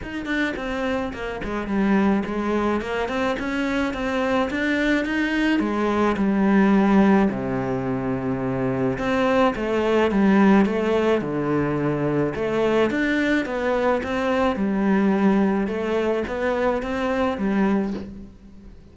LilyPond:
\new Staff \with { instrumentName = "cello" } { \time 4/4 \tempo 4 = 107 dis'8 d'8 c'4 ais8 gis8 g4 | gis4 ais8 c'8 cis'4 c'4 | d'4 dis'4 gis4 g4~ | g4 c2. |
c'4 a4 g4 a4 | d2 a4 d'4 | b4 c'4 g2 | a4 b4 c'4 g4 | }